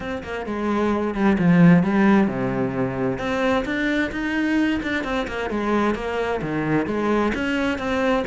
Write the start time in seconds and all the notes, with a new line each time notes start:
0.00 C4
0.23 A#3
0.45 G#3
1.14 G3
1.38 F3
1.83 G3
2.27 C3
3.18 C4
3.65 D4
4.11 D#4
4.83 D4
5.03 C4
5.27 A#3
5.49 G#3
5.94 A#3
6.42 D#3
6.86 G#3
7.34 C#4
7.78 C4